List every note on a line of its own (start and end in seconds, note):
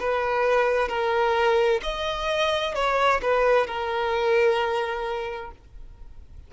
0.00 0.89 B4
0.89 1.81 A#4
1.83 2.75 D#5
2.75 3.21 C#5
3.22 3.67 B4
3.67 5.52 A#4